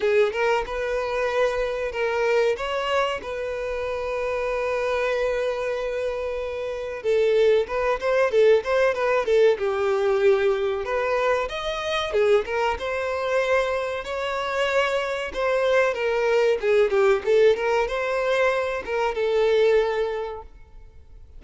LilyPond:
\new Staff \with { instrumentName = "violin" } { \time 4/4 \tempo 4 = 94 gis'8 ais'8 b'2 ais'4 | cis''4 b'2.~ | b'2. a'4 | b'8 c''8 a'8 c''8 b'8 a'8 g'4~ |
g'4 b'4 dis''4 gis'8 ais'8 | c''2 cis''2 | c''4 ais'4 gis'8 g'8 a'8 ais'8 | c''4. ais'8 a'2 | }